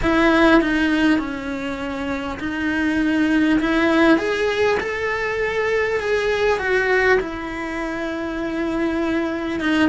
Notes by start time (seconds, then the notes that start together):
0.02 E4
0.61 D#4
1.18 C#4
2.39 D#4
3.59 E4
4.18 G#4
4.80 A4
5.99 G#4
6.58 F#4
7.20 E4
9.59 D#4